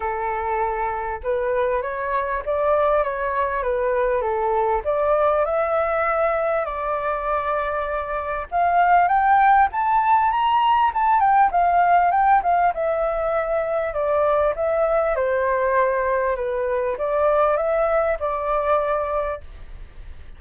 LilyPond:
\new Staff \with { instrumentName = "flute" } { \time 4/4 \tempo 4 = 99 a'2 b'4 cis''4 | d''4 cis''4 b'4 a'4 | d''4 e''2 d''4~ | d''2 f''4 g''4 |
a''4 ais''4 a''8 g''8 f''4 | g''8 f''8 e''2 d''4 | e''4 c''2 b'4 | d''4 e''4 d''2 | }